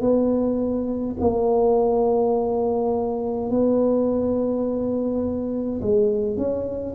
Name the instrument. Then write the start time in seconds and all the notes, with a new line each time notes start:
tuba
0.00 B3
1.20 A#3
3.50 B3
5.81 G#3
6.37 C#4